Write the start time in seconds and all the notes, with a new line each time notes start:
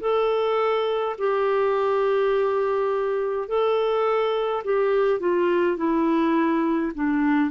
0.00 A4
1.18 G4
3.48 A4
4.64 G4
5.20 F4
5.76 E4
6.94 D4